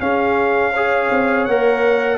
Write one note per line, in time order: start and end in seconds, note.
0.00 1.10 C#4
0.00 0.73 C#4
0.00 0.72 G#4
0.00 1.45 F5
0.72 1.49 G#4
0.72 2.18 C#5
1.11 1.47 C4
1.45 2.18 A#3
1.45 2.18 A#4
1.45 2.18 F#5